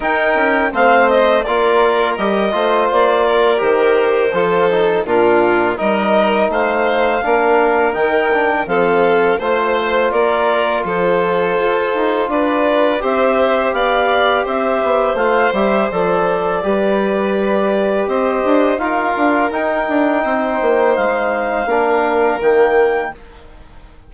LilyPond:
<<
  \new Staff \with { instrumentName = "clarinet" } { \time 4/4 \tempo 4 = 83 g''4 f''8 dis''8 d''4 dis''4 | d''4 c''2 ais'4 | dis''4 f''2 g''4 | f''4 c''4 d''4 c''4~ |
c''4 d''4 e''4 f''4 | e''4 f''8 e''8 d''2~ | d''4 dis''4 f''4 g''4~ | g''4 f''2 g''4 | }
  \new Staff \with { instrumentName = "violin" } { \time 4/4 ais'4 c''4 ais'4. c''8~ | c''8 ais'4. a'4 f'4 | ais'4 c''4 ais'2 | a'4 c''4 ais'4 a'4~ |
a'4 b'4 c''4 d''4 | c''2. b'4~ | b'4 c''4 ais'2 | c''2 ais'2 | }
  \new Staff \with { instrumentName = "trombone" } { \time 4/4 dis'4 c'4 f'4 g'8 f'8~ | f'4 g'4 f'8 dis'8 d'4 | dis'2 d'4 dis'8 d'8 | c'4 f'2.~ |
f'2 g'2~ | g'4 f'8 g'8 a'4 g'4~ | g'2 f'4 dis'4~ | dis'2 d'4 ais4 | }
  \new Staff \with { instrumentName = "bassoon" } { \time 4/4 dis'8 cis'8 a4 ais4 g8 a8 | ais4 dis4 f4 ais,4 | g4 a4 ais4 dis4 | f4 a4 ais4 f4 |
f'8 dis'8 d'4 c'4 b4 | c'8 b8 a8 g8 f4 g4~ | g4 c'8 d'8 dis'8 d'8 dis'8 d'8 | c'8 ais8 gis4 ais4 dis4 | }
>>